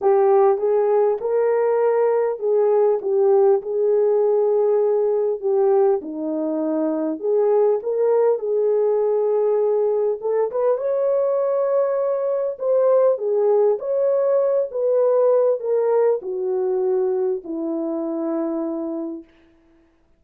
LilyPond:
\new Staff \with { instrumentName = "horn" } { \time 4/4 \tempo 4 = 100 g'4 gis'4 ais'2 | gis'4 g'4 gis'2~ | gis'4 g'4 dis'2 | gis'4 ais'4 gis'2~ |
gis'4 a'8 b'8 cis''2~ | cis''4 c''4 gis'4 cis''4~ | cis''8 b'4. ais'4 fis'4~ | fis'4 e'2. | }